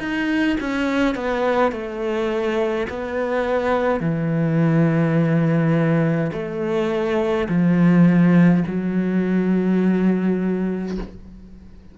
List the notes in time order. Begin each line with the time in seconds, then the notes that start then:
0.00 D#4
0.61 C#4
1.15 B3
1.72 A3
2.90 B3
4.01 E3
6.33 A3
7.49 F3
8.67 F#3